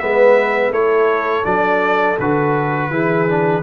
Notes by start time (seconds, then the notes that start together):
0.00 G#3 B3 B4 E5
0.71 A3 E4 A4 C#5
1.44 F#3 D4 D5
2.19 D3 F#4 B4
2.91 E3 E4 G#4
3.28 D4